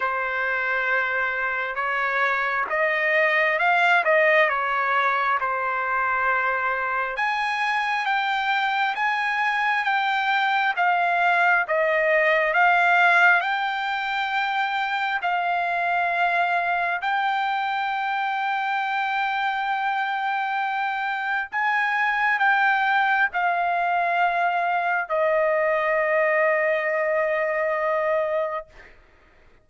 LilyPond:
\new Staff \with { instrumentName = "trumpet" } { \time 4/4 \tempo 4 = 67 c''2 cis''4 dis''4 | f''8 dis''8 cis''4 c''2 | gis''4 g''4 gis''4 g''4 | f''4 dis''4 f''4 g''4~ |
g''4 f''2 g''4~ | g''1 | gis''4 g''4 f''2 | dis''1 | }